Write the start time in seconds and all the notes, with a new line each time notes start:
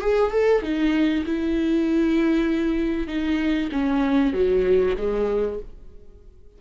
0.00 G#4
0.31 A4
0.62 D#4
1.25 E4
3.07 D#4
3.71 C#4
4.33 F#3
4.97 G#3